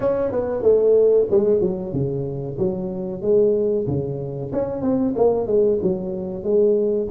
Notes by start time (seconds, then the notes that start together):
0.00 C#4
0.31 B3
0.62 A3
1.30 G#3
1.60 F#3
1.92 C#3
2.58 F#3
3.21 G#3
3.87 C#3
4.52 C#4
4.81 C4
5.16 A#3
5.46 G#3
5.82 F#3
6.43 G#3